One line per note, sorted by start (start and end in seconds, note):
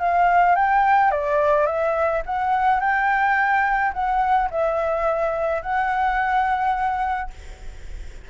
0.00 0.56 F5
0.56 1.12 G5
1.12 1.67 D5
1.67 2.23 E5
2.26 2.80 F#5
2.80 3.93 G5
3.94 4.50 F#5
4.51 5.63 E5
5.63 7.31 F#5